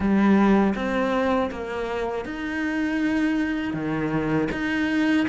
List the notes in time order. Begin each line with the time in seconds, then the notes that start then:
0.00 G3
0.75 C4
1.51 A#3
2.25 D#4
3.73 D#3
4.51 D#4